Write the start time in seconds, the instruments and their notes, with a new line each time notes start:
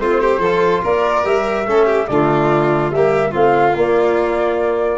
0.00 tuba A3, trombone C4, violin F4, flute C5
0.22 violin G4
0.39 tuba F3, violin A4
0.46 trombone F4
0.84 tuba A#3, violin A#4, flute D5
1.25 tuba G3, trombone G4, flute E5
1.67 tuba A3, trombone C#4, violin A4
1.86 violin G4
2.07 tuba D3, trombone A3, violin F4, flute D5
2.91 tuba G3, trombone A#3, violin G4, flute E5
3.32 tuba A3, trombone C4, violin F4, flute F5
3.76 trombone A#3, tuba A#3, flute D5